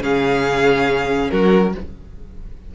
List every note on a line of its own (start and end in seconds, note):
0.00 1.29 C#3
0.00 1.72 C#4
0.00 1.31 G#4
0.00 1.30 F5
1.30 1.75 F#3
1.30 1.75 F#4
1.30 1.73 A#4